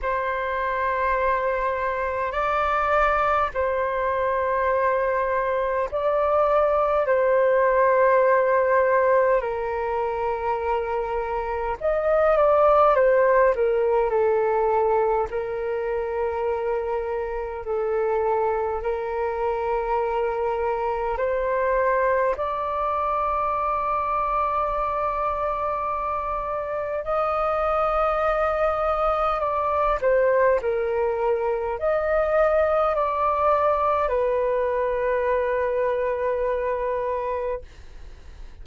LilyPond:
\new Staff \with { instrumentName = "flute" } { \time 4/4 \tempo 4 = 51 c''2 d''4 c''4~ | c''4 d''4 c''2 | ais'2 dis''8 d''8 c''8 ais'8 | a'4 ais'2 a'4 |
ais'2 c''4 d''4~ | d''2. dis''4~ | dis''4 d''8 c''8 ais'4 dis''4 | d''4 b'2. | }